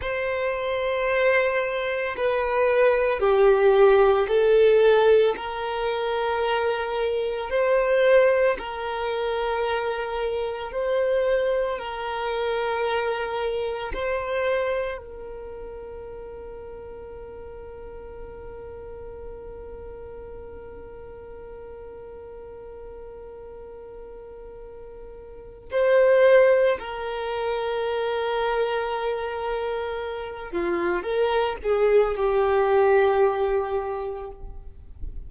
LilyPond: \new Staff \with { instrumentName = "violin" } { \time 4/4 \tempo 4 = 56 c''2 b'4 g'4 | a'4 ais'2 c''4 | ais'2 c''4 ais'4~ | ais'4 c''4 ais'2~ |
ais'1~ | ais'1 | c''4 ais'2.~ | ais'8 f'8 ais'8 gis'8 g'2 | }